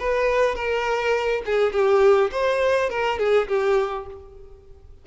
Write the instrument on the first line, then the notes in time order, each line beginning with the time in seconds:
violin
0.00 B4
0.55 A#4
1.46 G#4
1.73 G4
2.32 C5
2.90 A#4
3.19 G#4
3.48 G4